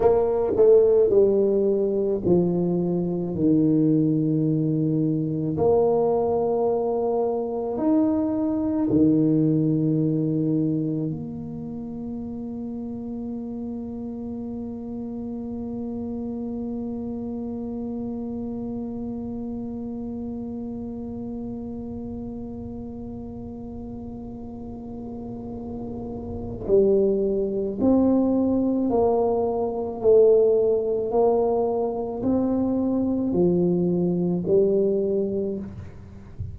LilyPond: \new Staff \with { instrumentName = "tuba" } { \time 4/4 \tempo 4 = 54 ais8 a8 g4 f4 dis4~ | dis4 ais2 dis'4 | dis2 ais2~ | ais1~ |
ais1~ | ais1 | g4 c'4 ais4 a4 | ais4 c'4 f4 g4 | }